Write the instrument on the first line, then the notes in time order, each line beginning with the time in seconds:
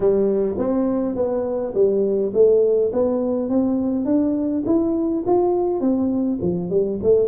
tuba
0.00 G3
0.58 C4
1.15 B3
1.74 G3
2.33 A3
2.93 B3
3.49 C4
4.05 D4
4.65 E4
5.26 F4
5.80 C4
6.41 F3
6.70 G3
7.02 A3